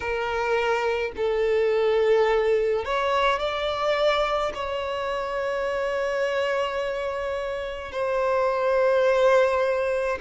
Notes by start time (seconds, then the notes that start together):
0.00 A#4
1.16 A4
2.85 C#5
3.39 D5
4.54 C#5
7.92 C5